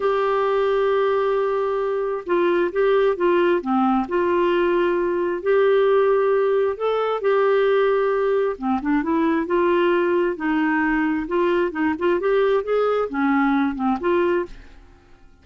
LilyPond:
\new Staff \with { instrumentName = "clarinet" } { \time 4/4 \tempo 4 = 133 g'1~ | g'4 f'4 g'4 f'4 | c'4 f'2. | g'2. a'4 |
g'2. c'8 d'8 | e'4 f'2 dis'4~ | dis'4 f'4 dis'8 f'8 g'4 | gis'4 cis'4. c'8 f'4 | }